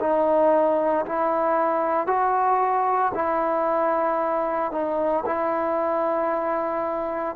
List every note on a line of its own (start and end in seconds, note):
0.00 1.05 D#4
1.06 2.07 E4
2.07 3.12 F#4
3.14 4.72 E4
4.72 5.24 D#4
5.26 7.36 E4